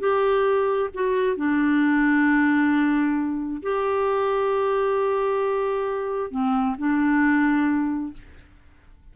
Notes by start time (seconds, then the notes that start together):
0.00 G4
0.94 F#4
1.37 D4
3.63 G4
6.31 C4
6.78 D4